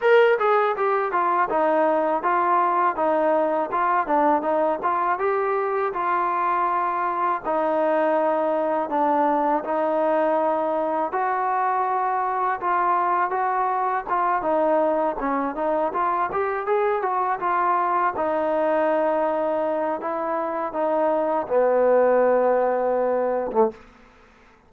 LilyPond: \new Staff \with { instrumentName = "trombone" } { \time 4/4 \tempo 4 = 81 ais'8 gis'8 g'8 f'8 dis'4 f'4 | dis'4 f'8 d'8 dis'8 f'8 g'4 | f'2 dis'2 | d'4 dis'2 fis'4~ |
fis'4 f'4 fis'4 f'8 dis'8~ | dis'8 cis'8 dis'8 f'8 g'8 gis'8 fis'8 f'8~ | f'8 dis'2~ dis'8 e'4 | dis'4 b2~ b8. a16 | }